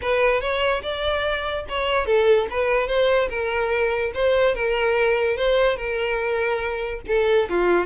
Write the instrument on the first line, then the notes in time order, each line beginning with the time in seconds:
violin
0.01 B4
0.40 C#5
0.82 D5
1.68 C#5
2.06 A4
2.50 B4
2.87 C5
3.29 A#4
4.14 C5
4.55 A#4
5.36 C5
5.76 A#4
7.07 A4
7.49 F4